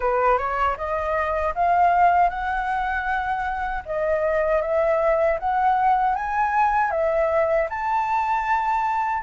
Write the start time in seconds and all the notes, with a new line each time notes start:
0.00 B4
0.37 C#5
0.77 D#5
1.54 F5
2.29 F#5
3.85 D#5
4.61 E5
5.39 F#5
6.15 G#5
6.91 E5
7.69 A5